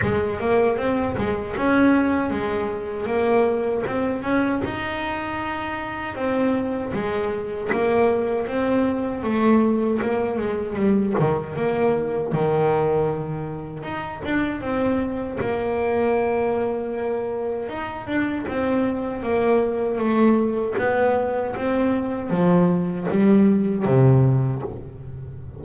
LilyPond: \new Staff \with { instrumentName = "double bass" } { \time 4/4 \tempo 4 = 78 gis8 ais8 c'8 gis8 cis'4 gis4 | ais4 c'8 cis'8 dis'2 | c'4 gis4 ais4 c'4 | a4 ais8 gis8 g8 dis8 ais4 |
dis2 dis'8 d'8 c'4 | ais2. dis'8 d'8 | c'4 ais4 a4 b4 | c'4 f4 g4 c4 | }